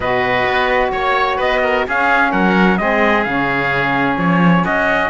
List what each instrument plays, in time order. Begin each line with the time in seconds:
0.00 cello B2, saxophone F#4, oboe B4, trumpet D#5
0.46 cello B3
0.91 cello A#3, oboe C#5, trumpet C#5
1.37 cello B3, oboe B4, trumpet D#5
1.62 oboe A#4
1.87 saxophone C#4, cello C#4, oboe G#4, trumpet F5
2.31 cello F#3, oboe A#4, trumpet F#5
2.77 cello G#3, saxophone C4, oboe G#4, trumpet D#5
3.23 cello C#3, saxophone C#4, trumpet F5
4.17 cello F3, trumpet C#5
4.63 cello C#4, oboe F#4, trumpet D#5